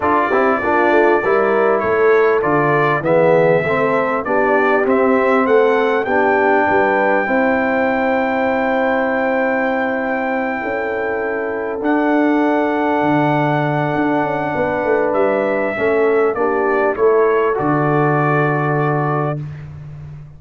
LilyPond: <<
  \new Staff \with { instrumentName = "trumpet" } { \time 4/4 \tempo 4 = 99 d''2. cis''4 | d''4 e''2 d''4 | e''4 fis''4 g''2~ | g''1~ |
g''2.~ g''8 fis''8~ | fis''1~ | fis''4 e''2 d''4 | cis''4 d''2. | }
  \new Staff \with { instrumentName = "horn" } { \time 4/4 a'8 g'8 f'4 ais'4 a'4~ | a'4 gis'4 a'4 g'4~ | g'4 a'4 g'4 b'4 | c''1~ |
c''4. a'2~ a'8~ | a'1 | b'2 a'4 g'4 | a'1 | }
  \new Staff \with { instrumentName = "trombone" } { \time 4/4 f'8 e'8 d'4 e'2 | f'4 b4 c'4 d'4 | c'2 d'2 | e'1~ |
e'2.~ e'8 d'8~ | d'1~ | d'2 cis'4 d'4 | e'4 fis'2. | }
  \new Staff \with { instrumentName = "tuba" } { \time 4/4 d'8 c'8 ais8 a8 g4 a4 | d4 e4 a4 b4 | c'4 a4 b4 g4 | c'1~ |
c'4. cis'2 d'8~ | d'4. d4. d'8 cis'8 | b8 a8 g4 a4 ais4 | a4 d2. | }
>>